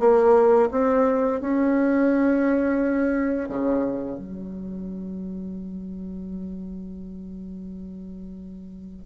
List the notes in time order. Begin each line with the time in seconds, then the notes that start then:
0.00 A#3
0.71 C4
1.41 C#4
3.49 C#3
4.19 F#3